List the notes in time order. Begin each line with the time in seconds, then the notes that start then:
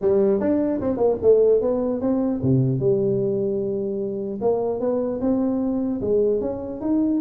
0.01 G3
0.40 D4
0.80 C4
0.97 A#3
1.22 A3
1.61 B3
2.00 C4
2.42 C3
2.79 G3
4.41 A#3
4.80 B3
5.20 C4
6.01 G#3
6.40 C#4
6.81 D#4